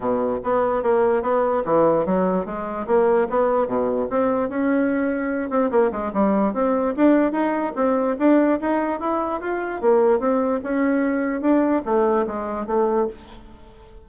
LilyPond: \new Staff \with { instrumentName = "bassoon" } { \time 4/4 \tempo 4 = 147 b,4 b4 ais4 b4 | e4 fis4 gis4 ais4 | b4 b,4 c'4 cis'4~ | cis'4. c'8 ais8 gis8 g4 |
c'4 d'4 dis'4 c'4 | d'4 dis'4 e'4 f'4 | ais4 c'4 cis'2 | d'4 a4 gis4 a4 | }